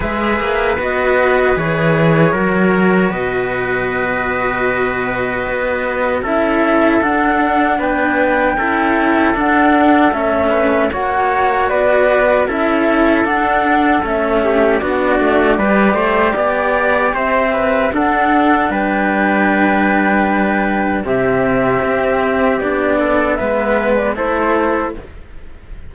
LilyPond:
<<
  \new Staff \with { instrumentName = "flute" } { \time 4/4 \tempo 4 = 77 e''4 dis''4 cis''2 | dis''1 | e''4 fis''4 g''2 | fis''4 e''4 fis''4 d''4 |
e''4 fis''4 e''4 d''4~ | d''2 e''4 fis''4 | g''2. e''4~ | e''4 d''4 e''8. d''16 c''4 | }
  \new Staff \with { instrumentName = "trumpet" } { \time 4/4 b'2. ais'4 | b'1 | a'2 b'4 a'4~ | a'4. b'8 cis''4 b'4 |
a'2~ a'8 g'8 fis'4 | b'8 c''8 d''4 c''8 b'8 a'4 | b'2. g'4~ | g'4. a'8 b'4 a'4 | }
  \new Staff \with { instrumentName = "cello" } { \time 4/4 gis'4 fis'4 gis'4 fis'4~ | fis'1 | e'4 d'2 e'4 | d'4 cis'4 fis'2 |
e'4 d'4 cis'4 d'4 | g'2. d'4~ | d'2. c'4~ | c'4 d'4 b4 e'4 | }
  \new Staff \with { instrumentName = "cello" } { \time 4/4 gis8 ais8 b4 e4 fis4 | b,2. b4 | cis'4 d'4 b4 cis'4 | d'4 a4 ais4 b4 |
cis'4 d'4 a4 b8 a8 | g8 a8 b4 c'4 d'4 | g2. c4 | c'4 b4 gis4 a4 | }
>>